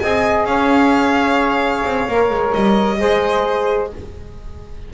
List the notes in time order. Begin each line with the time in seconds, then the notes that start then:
0.00 C4 G#4 D#5 G#5
0.45 C#4 C#5 F5
1.85 C4
2.08 A#3 A#4
2.31 G#3
2.54 G3 D#5
2.97 G#3 G#4 C5